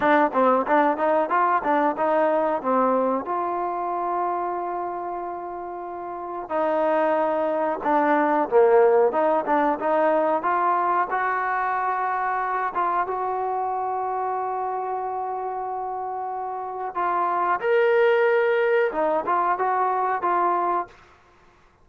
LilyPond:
\new Staff \with { instrumentName = "trombone" } { \time 4/4 \tempo 4 = 92 d'8 c'8 d'8 dis'8 f'8 d'8 dis'4 | c'4 f'2.~ | f'2 dis'2 | d'4 ais4 dis'8 d'8 dis'4 |
f'4 fis'2~ fis'8 f'8 | fis'1~ | fis'2 f'4 ais'4~ | ais'4 dis'8 f'8 fis'4 f'4 | }